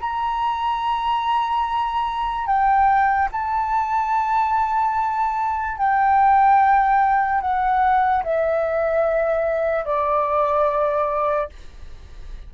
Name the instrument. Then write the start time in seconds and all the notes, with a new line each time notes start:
flute
0.00 A#5
2.47 G5
3.32 A5
5.77 G5
7.41 F#5
8.23 E5
9.85 D5